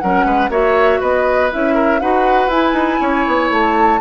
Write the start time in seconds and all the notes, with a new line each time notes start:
0.00 F#3 C#4 A#4 F#5
0.25 G#3 B4
0.49 A#3 F#4 C#5 E5
1.00 B3 B4 D#5
1.51 C#4 E4 E5
1.75 A#4
2.00 D#4 F#4 B4 F#5
2.47 E4 G#5
2.73 D#4
3.01 C#4 C#5
3.27 B3
3.50 A3 A5